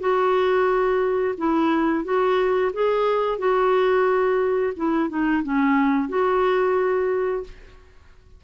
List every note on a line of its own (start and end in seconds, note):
0.00 1.35 F#4
1.37 2.04 E4
2.04 2.72 F#4
2.73 3.38 G#4
3.38 4.73 F#4
4.76 5.09 E4
5.09 5.43 D#4
5.43 6.09 C#4
6.09 7.43 F#4